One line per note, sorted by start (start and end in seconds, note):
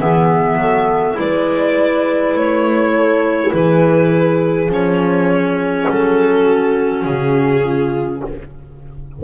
0.00 0.55 E3
0.00 1.14 B3
0.00 0.60 G#4
0.00 1.18 E5
0.55 1.14 F#3
0.55 1.19 A4
1.14 2.34 G#3
1.14 4.67 E4
1.14 2.95 B4
1.14 2.37 D5
2.34 3.52 A3
2.34 3.52 C#5
2.95 3.51 A4
3.51 4.69 E3
3.51 6.45 G#4
3.51 4.70 B4
4.69 5.87 F3
4.69 8.24 C#4
4.69 5.90 C#5
5.90 7.05 F#3
5.90 7.03 A4
6.45 7.63 F#4
7.03 8.22 C#3
7.03 8.21 G#4
7.63 8.22 F4